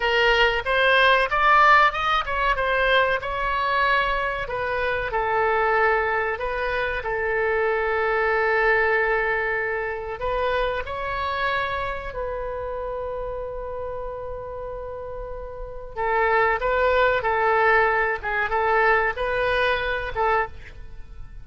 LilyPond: \new Staff \with { instrumentName = "oboe" } { \time 4/4 \tempo 4 = 94 ais'4 c''4 d''4 dis''8 cis''8 | c''4 cis''2 b'4 | a'2 b'4 a'4~ | a'1 |
b'4 cis''2 b'4~ | b'1~ | b'4 a'4 b'4 a'4~ | a'8 gis'8 a'4 b'4. a'8 | }